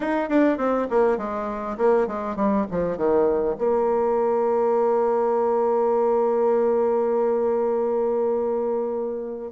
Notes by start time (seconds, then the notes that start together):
0.00 D#4
0.29 D4
0.57 C4
0.89 A#3
1.17 G#3
1.77 A#3
2.07 G#3
2.36 G3
2.70 F3
2.97 D#3
3.58 A#3